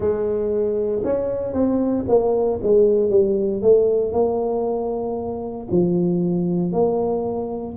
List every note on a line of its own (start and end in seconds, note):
0.00 1.02 G#3
1.03 1.53 C#4
1.53 2.05 C4
2.08 2.60 A#3
2.62 3.10 G#3
3.10 3.62 G3
3.62 4.12 A3
4.12 5.67 A#3
5.70 6.72 F3
6.72 7.75 A#3